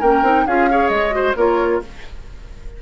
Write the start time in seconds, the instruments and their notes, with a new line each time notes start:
0.00 bassoon A#3, clarinet C#4, oboe A#4, flute G5
0.23 bassoon C4, clarinet D#4
0.47 bassoon C#4, clarinet F4, oboe G#4, flute F5
0.71 clarinet G#4, oboe C#5
0.89 bassoon G#3, flute D#5
1.11 clarinet F#4, oboe C5
1.36 bassoon A#3, clarinet F4, oboe A#4, flute C#5